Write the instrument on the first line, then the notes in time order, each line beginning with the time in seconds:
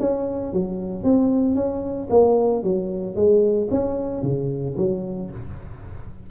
tuba
0.00 C#4
0.53 F#3
1.03 C4
1.55 C#4
2.10 A#3
2.63 F#3
3.15 G#3
3.71 C#4
4.23 C#3
4.77 F#3